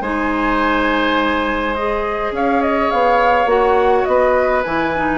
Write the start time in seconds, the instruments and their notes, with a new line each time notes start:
0.00 bassoon G#3, clarinet D#4, oboe C5, flute G#5
1.74 clarinet G#4, flute D#5
2.31 bassoon C#4, oboe C#5, flute F5
2.62 flute D#5
2.91 bassoon B3, flute F5
3.45 bassoon A#3, clarinet F#4, flute F#5
4.04 bassoon B3, oboe B4, flute D#5
4.63 bassoon E3, clarinet E4, flute G#5
4.96 clarinet D#4